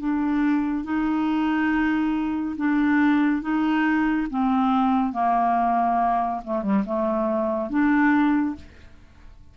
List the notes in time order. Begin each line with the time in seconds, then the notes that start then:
0.00 D4
0.85 D#4
2.57 D4
3.42 D#4
4.31 C4
5.13 A#3
6.45 A3
6.63 G3
6.86 A3
7.70 D4